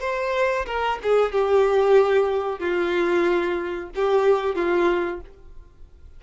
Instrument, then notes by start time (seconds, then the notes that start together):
violin
0.00 C5
0.66 A#4
1.03 G#4
1.32 G4
2.59 F4
3.95 G4
4.55 F4